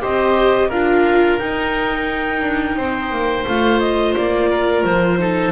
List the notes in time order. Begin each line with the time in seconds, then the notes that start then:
0.00 C4 G4 C5 D#5
0.69 D4 F4 A#4 F5
1.38 D#4 G5
2.41 D4
2.76 C4 C5
3.10 A#3
3.46 A3 F4 F5
3.79 D#5
4.15 A#3 D5
4.50 A#4
4.83 F3 C5
5.18 D#4 A4